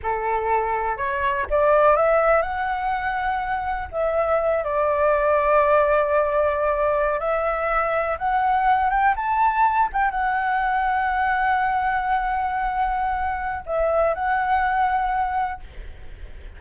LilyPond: \new Staff \with { instrumentName = "flute" } { \time 4/4 \tempo 4 = 123 a'2 cis''4 d''4 | e''4 fis''2. | e''4. d''2~ d''8~ | d''2~ d''8. e''4~ e''16~ |
e''8. fis''4. g''8 a''4~ a''16~ | a''16 g''8 fis''2.~ fis''16~ | fis''1 | e''4 fis''2. | }